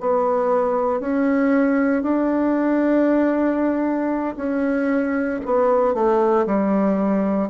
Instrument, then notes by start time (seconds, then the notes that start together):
bassoon
0.00 B3
1.00 C#4
2.02 D4
4.36 C#4
5.45 B3
5.94 A3
6.46 G3